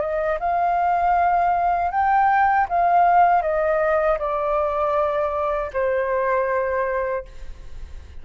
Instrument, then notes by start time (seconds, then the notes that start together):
flute
0.00 D#5
0.39 F5
1.91 G5
2.69 F5
3.42 D#5
4.19 D5
5.73 C5